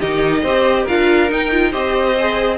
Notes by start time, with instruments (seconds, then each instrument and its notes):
0.00 cello D#3, viola D#4, violin G4 D#5
0.43 cello C4, viola G4, violin C5
0.83 cello D4, viola F4, violin A#4 F5
1.29 viola D#4, cello D#4, violin G5
1.52 viola F4
1.71 cello C4, viola G4, violin C5 D#5
2.19 viola G#4